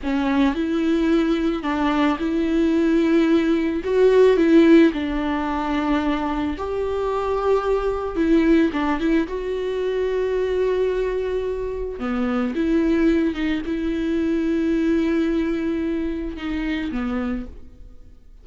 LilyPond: \new Staff \with { instrumentName = "viola" } { \time 4/4 \tempo 4 = 110 cis'4 e'2 d'4 | e'2. fis'4 | e'4 d'2. | g'2. e'4 |
d'8 e'8 fis'2.~ | fis'2 b4 e'4~ | e'8 dis'8 e'2.~ | e'2 dis'4 b4 | }